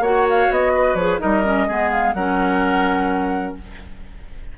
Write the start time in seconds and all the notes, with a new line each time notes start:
0.00 A#3 F#4 C#5 F#5
0.30 F5
0.51 B3 D#5
0.75 B4
0.95 F3 G#4 C#5
1.20 G3 D#4 A#4 D#5
1.45 C#4
1.68 G#3 B3 G#4
1.91 F5
2.14 F#3 C#4 A#4 F#5